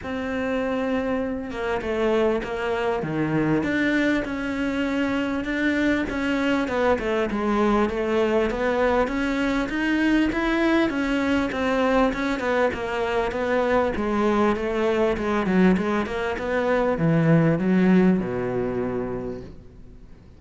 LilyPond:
\new Staff \with { instrumentName = "cello" } { \time 4/4 \tempo 4 = 99 c'2~ c'8 ais8 a4 | ais4 dis4 d'4 cis'4~ | cis'4 d'4 cis'4 b8 a8 | gis4 a4 b4 cis'4 |
dis'4 e'4 cis'4 c'4 | cis'8 b8 ais4 b4 gis4 | a4 gis8 fis8 gis8 ais8 b4 | e4 fis4 b,2 | }